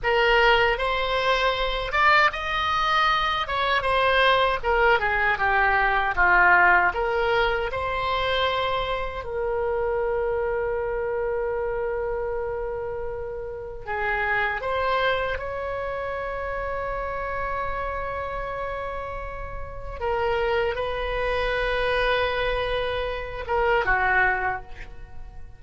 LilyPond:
\new Staff \with { instrumentName = "oboe" } { \time 4/4 \tempo 4 = 78 ais'4 c''4. d''8 dis''4~ | dis''8 cis''8 c''4 ais'8 gis'8 g'4 | f'4 ais'4 c''2 | ais'1~ |
ais'2 gis'4 c''4 | cis''1~ | cis''2 ais'4 b'4~ | b'2~ b'8 ais'8 fis'4 | }